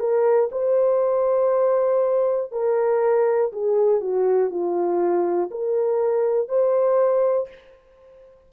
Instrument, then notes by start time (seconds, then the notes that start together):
horn
0.00 A#4
0.52 C5
2.52 A#4
3.53 G#4
4.01 F#4
4.51 F4
5.51 A#4
6.49 C5